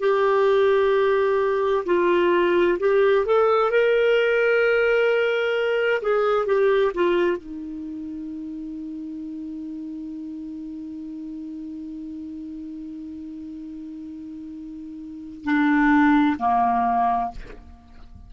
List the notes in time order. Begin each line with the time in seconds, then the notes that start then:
0.00 G4
1.86 F4
2.79 G4
3.26 A4
3.71 A#4
6.02 G#4
6.46 G4
6.95 F4
7.37 D#4
15.45 D4
16.39 A#3